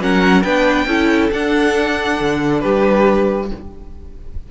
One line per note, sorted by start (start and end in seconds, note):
0.00 0.43 F#3
0.00 0.44 C#4
0.00 0.43 A#4
0.00 0.43 F#5
0.43 0.86 B3
0.43 0.88 D4
0.43 0.87 B4
0.43 1.30 G5
0.86 1.30 C#4
0.86 1.32 E4
0.86 2.61 A4
1.32 3.49 D4
1.32 2.19 D4
1.32 2.60 F#5
2.20 2.64 D3
2.60 3.51 G3
2.60 3.48 G4
2.60 3.47 B4